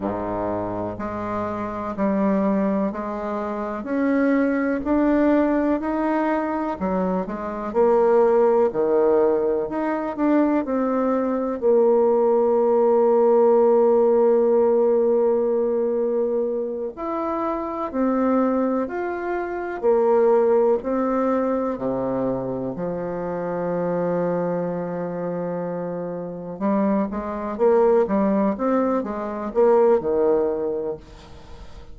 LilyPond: \new Staff \with { instrumentName = "bassoon" } { \time 4/4 \tempo 4 = 62 gis,4 gis4 g4 gis4 | cis'4 d'4 dis'4 fis8 gis8 | ais4 dis4 dis'8 d'8 c'4 | ais1~ |
ais4. e'4 c'4 f'8~ | f'8 ais4 c'4 c4 f8~ | f2.~ f8 g8 | gis8 ais8 g8 c'8 gis8 ais8 dis4 | }